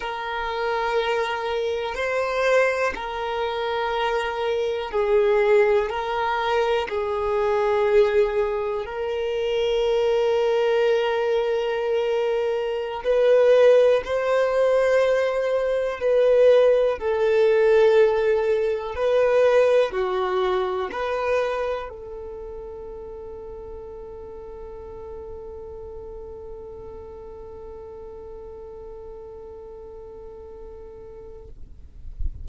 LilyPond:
\new Staff \with { instrumentName = "violin" } { \time 4/4 \tempo 4 = 61 ais'2 c''4 ais'4~ | ais'4 gis'4 ais'4 gis'4~ | gis'4 ais'2.~ | ais'4~ ais'16 b'4 c''4.~ c''16~ |
c''16 b'4 a'2 b'8.~ | b'16 fis'4 b'4 a'4.~ a'16~ | a'1~ | a'1 | }